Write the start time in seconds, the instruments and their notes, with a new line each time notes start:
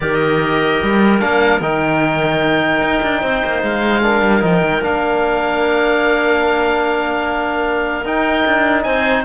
0.00 cello D#3, trombone G4, clarinet A#4, oboe D#5
0.82 cello G3
1.20 cello A#3, trombone D4, oboe F5
1.60 cello D#3, trombone D#4, oboe G5
2.81 cello D#4
3.03 cello D4
3.20 cello C4, clarinet C5
3.44 cello A#3
3.62 cello G#3, oboe F5
4.01 trombone D4, clarinet A#4
4.21 cello G3
4.40 cello F3, trombone D#4, oboe G5
4.62 cello D#3
4.82 cello A#3, trombone D4, oboe F5
8.04 cello D#4, trombone D#4, oboe G5
8.46 cello D4
8.82 cello C4, clarinet C5, oboe G#5